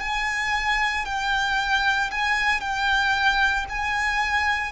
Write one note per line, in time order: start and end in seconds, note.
0.00 1.05 G#5
1.05 2.11 G5
2.11 2.60 G#5
2.60 3.66 G5
3.69 4.72 G#5